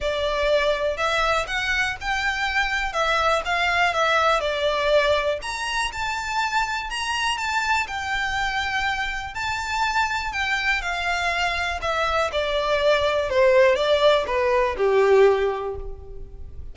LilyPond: \new Staff \with { instrumentName = "violin" } { \time 4/4 \tempo 4 = 122 d''2 e''4 fis''4 | g''2 e''4 f''4 | e''4 d''2 ais''4 | a''2 ais''4 a''4 |
g''2. a''4~ | a''4 g''4 f''2 | e''4 d''2 c''4 | d''4 b'4 g'2 | }